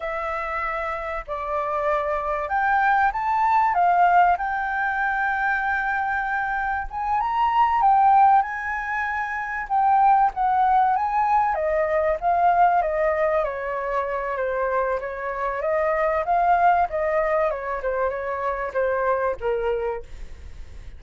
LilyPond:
\new Staff \with { instrumentName = "flute" } { \time 4/4 \tempo 4 = 96 e''2 d''2 | g''4 a''4 f''4 g''4~ | g''2. gis''8 ais''8~ | ais''8 g''4 gis''2 g''8~ |
g''8 fis''4 gis''4 dis''4 f''8~ | f''8 dis''4 cis''4. c''4 | cis''4 dis''4 f''4 dis''4 | cis''8 c''8 cis''4 c''4 ais'4 | }